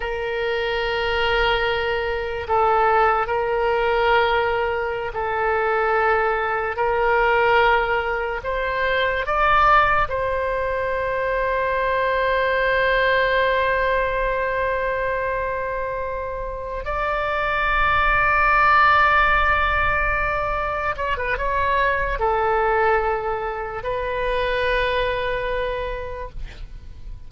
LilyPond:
\new Staff \with { instrumentName = "oboe" } { \time 4/4 \tempo 4 = 73 ais'2. a'4 | ais'2~ ais'16 a'4.~ a'16~ | a'16 ais'2 c''4 d''8.~ | d''16 c''2.~ c''8.~ |
c''1~ | c''8 d''2.~ d''8~ | d''4. cis''16 b'16 cis''4 a'4~ | a'4 b'2. | }